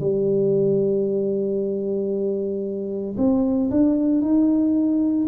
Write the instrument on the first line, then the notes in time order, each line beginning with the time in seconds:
tuba
0.00 G3
3.17 C4
3.70 D4
4.21 D#4